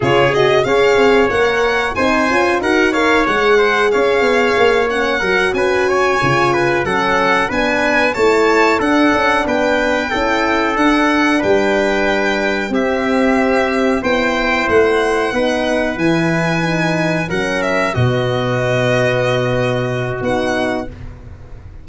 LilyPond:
<<
  \new Staff \with { instrumentName = "violin" } { \time 4/4 \tempo 4 = 92 cis''8 dis''8 f''4 fis''4 gis''4 | fis''8 f''8 fis''4 f''4. fis''8~ | fis''8 gis''2 fis''4 gis''8~ | gis''8 a''4 fis''4 g''4.~ |
g''8 fis''4 g''2 e''8~ | e''4. g''4 fis''4.~ | fis''8 gis''2 fis''8 e''8 dis''8~ | dis''2. fis''4 | }
  \new Staff \with { instrumentName = "trumpet" } { \time 4/4 gis'4 cis''2 c''4 | ais'8 cis''4 c''8 cis''2 | ais'8 b'8 cis''4 b'8 a'4 b'8~ | b'8 cis''4 a'4 b'4 a'8~ |
a'4. b'2 g'8~ | g'4. c''2 b'8~ | b'2~ b'8 ais'4 fis'8~ | fis'1 | }
  \new Staff \with { instrumentName = "horn" } { \time 4/4 f'8 fis'8 gis'4 ais'4 dis'8 f'8 | fis'8 ais'8 gis'2~ gis'8 cis'8 | fis'4. f'4 cis'4 d'8~ | d'8 e'4 d'2 e'8~ |
e'8 d'2. c'8~ | c'4. e'2 dis'8~ | dis'8 e'4 dis'4 cis'4 b8~ | b2. dis'4 | }
  \new Staff \with { instrumentName = "tuba" } { \time 4/4 cis4 cis'8 c'8 ais4 c'8 cis'8 | dis'4 gis4 cis'8 b8 ais4 | fis8 cis'4 cis4 fis4 b8~ | b8 a4 d'8 cis'8 b4 cis'8~ |
cis'8 d'4 g2 c'8~ | c'4. b4 a4 b8~ | b8 e2 fis4 b,8~ | b,2. b4 | }
>>